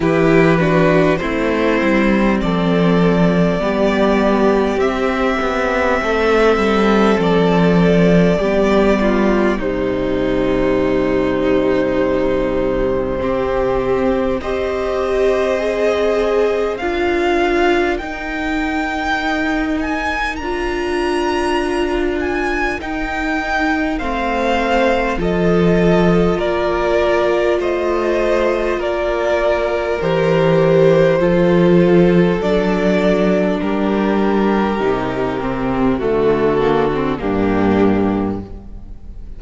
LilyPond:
<<
  \new Staff \with { instrumentName = "violin" } { \time 4/4 \tempo 4 = 50 b'4 c''4 d''2 | e''2 d''2 | c''1 | dis''2 f''4 g''4~ |
g''8 gis''8 ais''4. gis''8 g''4 | f''4 dis''4 d''4 dis''4 | d''4 c''2 d''4 | ais'2 a'4 g'4 | }
  \new Staff \with { instrumentName = "violin" } { \time 4/4 g'8 fis'8 e'4 a'4 g'4~ | g'4 a'2 g'8 f'8 | dis'2. g'4 | c''2 ais'2~ |
ais'1 | c''4 a'4 ais'4 c''4 | ais'2 a'2 | g'2 fis'4 d'4 | }
  \new Staff \with { instrumentName = "viola" } { \time 4/4 e'8 d'8 c'2 b4 | c'2. b4 | g2. c'4 | g'4 gis'4 f'4 dis'4~ |
dis'4 f'2 dis'4 | c'4 f'2.~ | f'4 g'4 f'4 d'4~ | d'4 dis'8 c'8 a8 ais16 c'16 ais4 | }
  \new Staff \with { instrumentName = "cello" } { \time 4/4 e4 a8 g8 f4 g4 | c'8 b8 a8 g8 f4 g4 | c1 | c'2 d'4 dis'4~ |
dis'4 d'2 dis'4 | a4 f4 ais4 a4 | ais4 e4 f4 fis4 | g4 c4 d4 g,4 | }
>>